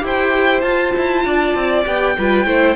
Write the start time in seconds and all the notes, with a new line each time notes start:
0.00 E4 G4 C5
0.06 G5
0.60 F4 A5
0.97 E4
1.25 D4 D5
1.55 C4
1.84 B3 G4 G5
2.18 G3 F4 B4
2.45 A3 E4 C5